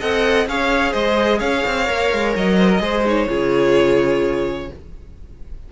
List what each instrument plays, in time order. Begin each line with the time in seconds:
0.00 cello C4, viola A4, violin D#5 F#5
0.47 cello C#4, viola G#4, violin C#5 F5
0.91 cello G#3, violin C5 D#5
1.39 cello C#4, violin C#5 F5
1.66 cello C4
1.86 cello A#3, viola A#4
2.13 cello G#3
2.36 cello F#3, violin D#5
2.58 violin C5
2.70 violin A#4
2.80 cello G#3, viola G#4, violin C5
3.05 viola D#4, violin C#5
3.28 cello C#3, viola F4, violin G#4